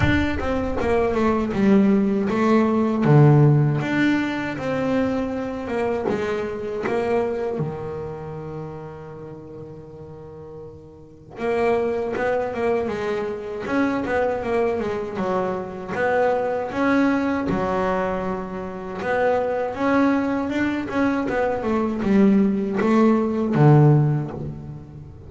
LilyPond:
\new Staff \with { instrumentName = "double bass" } { \time 4/4 \tempo 4 = 79 d'8 c'8 ais8 a8 g4 a4 | d4 d'4 c'4. ais8 | gis4 ais4 dis2~ | dis2. ais4 |
b8 ais8 gis4 cis'8 b8 ais8 gis8 | fis4 b4 cis'4 fis4~ | fis4 b4 cis'4 d'8 cis'8 | b8 a8 g4 a4 d4 | }